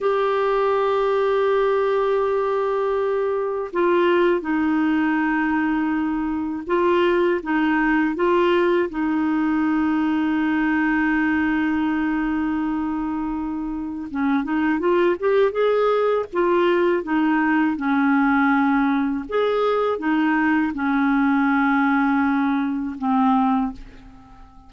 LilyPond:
\new Staff \with { instrumentName = "clarinet" } { \time 4/4 \tempo 4 = 81 g'1~ | g'4 f'4 dis'2~ | dis'4 f'4 dis'4 f'4 | dis'1~ |
dis'2. cis'8 dis'8 | f'8 g'8 gis'4 f'4 dis'4 | cis'2 gis'4 dis'4 | cis'2. c'4 | }